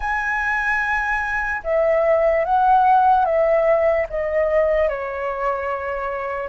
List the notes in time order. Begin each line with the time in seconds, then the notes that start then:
0.00 G#5
1.63 E5
2.45 F#5
3.25 E5
4.09 D#5
4.89 C#5